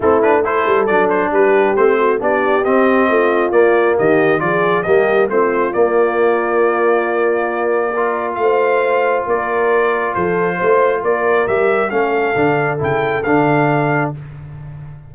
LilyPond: <<
  \new Staff \with { instrumentName = "trumpet" } { \time 4/4 \tempo 4 = 136 a'8 b'8 c''4 d''8 c''8 b'4 | c''4 d''4 dis''2 | d''4 dis''4 d''4 dis''4 | c''4 d''2.~ |
d''2. f''4~ | f''4 d''2 c''4~ | c''4 d''4 e''4 f''4~ | f''4 g''4 f''2 | }
  \new Staff \with { instrumentName = "horn" } { \time 4/4 e'4 a'2 g'4~ | g'8 fis'8 g'2 f'4~ | f'4 g'4 gis'4 g'4 | f'1~ |
f'2 ais'4 c''4~ | c''4 ais'2 a'4 | c''4 ais'2 a'4~ | a'1 | }
  \new Staff \with { instrumentName = "trombone" } { \time 4/4 c'8 d'8 e'4 d'2 | c'4 d'4 c'2 | ais2 f'4 ais4 | c'4 ais2.~ |
ais2 f'2~ | f'1~ | f'2 g'4 cis'4 | d'4 e'4 d'2 | }
  \new Staff \with { instrumentName = "tuba" } { \time 4/4 a4. g8 fis4 g4 | a4 b4 c'4 a4 | ais4 dis4 f4 g4 | a4 ais2.~ |
ais2. a4~ | a4 ais2 f4 | a4 ais4 g4 a4 | d4 cis4 d2 | }
>>